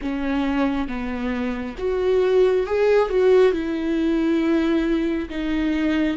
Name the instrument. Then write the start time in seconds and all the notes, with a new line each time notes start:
viola
0.01 C#4
0.87 B3
1.78 F#4
2.66 G#4
3.09 F#4
3.52 E4
5.29 D#4